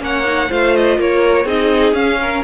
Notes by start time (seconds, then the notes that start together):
0.00 A#3 C#4 C#5 F#5
0.25 D#4
0.49 A3 F4 C5 F5
0.76 D#5
0.98 A#3 A#4 C#5
1.45 C4 D#4 G#4 D#5
1.93 C#4 F5
2.22 A#4